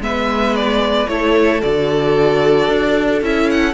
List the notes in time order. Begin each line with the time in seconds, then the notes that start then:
0.00 G#3 B3 B4 E5
0.56 D5
1.07 A3 E4 A4 C#5
1.61 D3 F#4 D5
2.68 D4
3.21 C#4 E4 E5
3.50 F#5